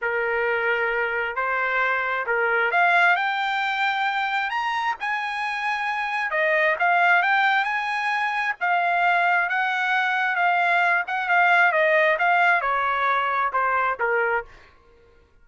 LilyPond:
\new Staff \with { instrumentName = "trumpet" } { \time 4/4 \tempo 4 = 133 ais'2. c''4~ | c''4 ais'4 f''4 g''4~ | g''2 ais''4 gis''4~ | gis''2 dis''4 f''4 |
g''4 gis''2 f''4~ | f''4 fis''2 f''4~ | f''8 fis''8 f''4 dis''4 f''4 | cis''2 c''4 ais'4 | }